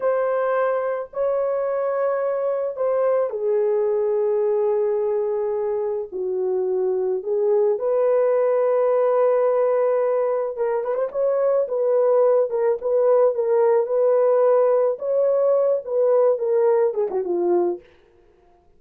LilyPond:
\new Staff \with { instrumentName = "horn" } { \time 4/4 \tempo 4 = 108 c''2 cis''2~ | cis''4 c''4 gis'2~ | gis'2. fis'4~ | fis'4 gis'4 b'2~ |
b'2. ais'8 b'16 c''16 | cis''4 b'4. ais'8 b'4 | ais'4 b'2 cis''4~ | cis''8 b'4 ais'4 gis'16 fis'16 f'4 | }